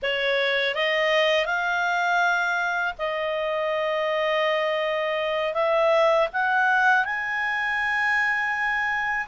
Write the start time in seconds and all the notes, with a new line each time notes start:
0.02 C#5
0.74 D#5
1.45 F5
2.98 D#5
5.54 E5
6.32 F#5
7.04 G#5